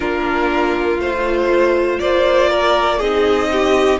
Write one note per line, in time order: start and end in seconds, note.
0.00 0.98 A#3
0.00 0.97 D4
0.00 2.00 F4
0.00 1.00 A#4
0.98 1.98 A3
0.98 3.02 F4
0.98 1.99 C5
1.99 3.01 A#3
1.99 2.50 C5
1.99 2.99 D5
2.50 2.98 A#4
2.98 3.99 C4
2.98 3.99 D#4
2.98 3.48 G#4
2.98 3.99 D#5
3.51 3.99 G4